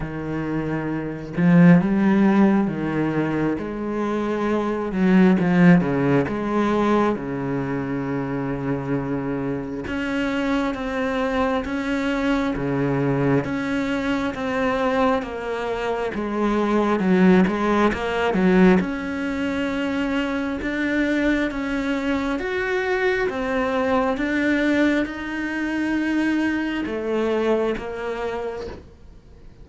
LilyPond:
\new Staff \with { instrumentName = "cello" } { \time 4/4 \tempo 4 = 67 dis4. f8 g4 dis4 | gis4. fis8 f8 cis8 gis4 | cis2. cis'4 | c'4 cis'4 cis4 cis'4 |
c'4 ais4 gis4 fis8 gis8 | ais8 fis8 cis'2 d'4 | cis'4 fis'4 c'4 d'4 | dis'2 a4 ais4 | }